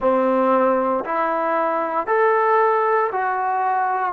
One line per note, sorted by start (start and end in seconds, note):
0.00 1.04 C4
1.04 2.06 E4
2.06 3.10 A4
3.12 4.13 F#4